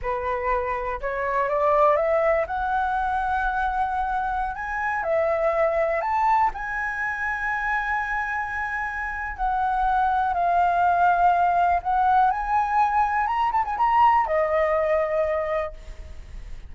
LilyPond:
\new Staff \with { instrumentName = "flute" } { \time 4/4 \tempo 4 = 122 b'2 cis''4 d''4 | e''4 fis''2.~ | fis''4~ fis''16 gis''4 e''4.~ e''16~ | e''16 a''4 gis''2~ gis''8.~ |
gis''2. fis''4~ | fis''4 f''2. | fis''4 gis''2 ais''8 a''16 gis''16 | ais''4 dis''2. | }